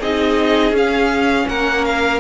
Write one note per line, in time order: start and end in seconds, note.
0.00 0.72 C4
0.00 0.75 D#4
0.00 1.46 G#4
0.00 0.75 D#5
0.72 1.45 C#4
0.72 2.20 C#4
0.72 1.48 F5
1.48 2.20 A#3
1.48 2.20 A#4
1.48 1.85 F#5
1.85 2.20 F5